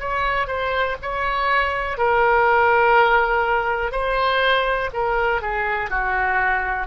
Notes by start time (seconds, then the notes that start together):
0.00 C#5
0.47 C5
1.02 C#5
1.98 A#4
3.92 C5
4.93 A#4
5.41 G#4
5.90 F#4